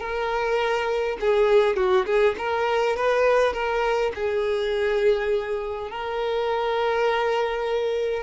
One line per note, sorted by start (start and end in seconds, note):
0.00 1.18 A#4
1.20 1.76 G#4
1.76 2.05 F#4
2.06 2.35 G#4
2.38 2.96 A#4
2.96 3.53 B4
3.53 4.12 A#4
4.15 5.91 G#4
5.91 8.23 A#4